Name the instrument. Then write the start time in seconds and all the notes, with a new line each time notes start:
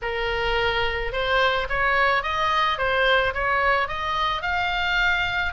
oboe
0.02 A#4
1.12 C5
1.69 C#5
2.22 D#5
2.78 C5
3.33 C#5
3.88 D#5
4.42 F5